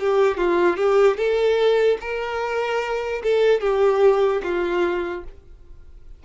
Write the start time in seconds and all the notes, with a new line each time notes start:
0.00 G4
0.38 F4
0.77 G4
1.17 A4
2.01 A#4
3.24 A4
3.61 G4
4.43 F4